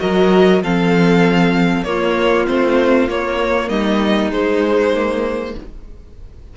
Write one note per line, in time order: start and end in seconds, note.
0.00 0.63 F#3
0.00 0.62 F#4
0.00 0.63 A#4
0.00 0.62 D#5
0.63 1.83 F3
0.63 1.86 C4
0.63 1.87 A4
0.63 1.84 F5
1.83 2.45 A#3
1.83 2.47 A#3
1.83 3.68 F4
1.83 2.46 C#5
2.47 3.09 A3
2.47 3.09 C4
2.47 3.09 C5
3.09 3.69 A#3
3.09 4.31 A#3
3.09 3.69 C#5
3.68 4.31 G3
3.68 5.54 D#4
3.68 4.31 D#5
4.31 5.55 G#3
4.31 4.93 G#3
4.31 5.56 C5
4.95 5.57 A#3